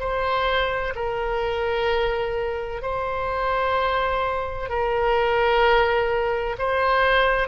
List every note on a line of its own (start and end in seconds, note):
0.00 0.94 C5
0.95 2.82 A#4
2.82 4.69 C5
4.69 6.57 A#4
6.58 7.48 C5